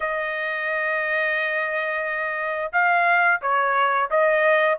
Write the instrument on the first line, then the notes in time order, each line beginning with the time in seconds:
trumpet
0.00 D#5
2.72 F5
3.41 C#5
4.10 D#5